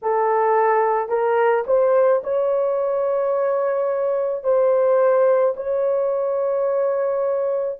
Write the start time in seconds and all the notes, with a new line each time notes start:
0.02 A4
1.09 A#4
1.66 C5
2.23 C#5
4.43 C5
5.56 C#5